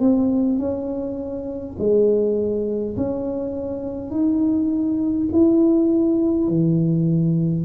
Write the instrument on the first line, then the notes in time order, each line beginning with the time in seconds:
tuba
0.00 C4
0.59 C#4
1.79 G#3
2.97 C#4
4.11 D#4
5.33 E4
6.48 E3